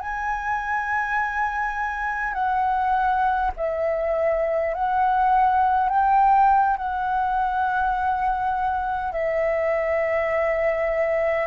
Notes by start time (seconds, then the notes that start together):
0.00 G#5
2.33 F#5
3.56 E5
4.74 F#5
5.89 G5
6.77 F#5
9.12 E5